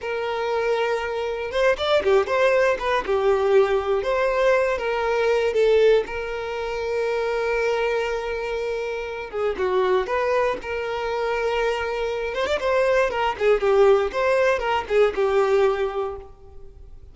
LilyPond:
\new Staff \with { instrumentName = "violin" } { \time 4/4 \tempo 4 = 119 ais'2. c''8 d''8 | g'8 c''4 b'8 g'2 | c''4. ais'4. a'4 | ais'1~ |
ais'2~ ais'8 gis'8 fis'4 | b'4 ais'2.~ | ais'8 c''16 d''16 c''4 ais'8 gis'8 g'4 | c''4 ais'8 gis'8 g'2 | }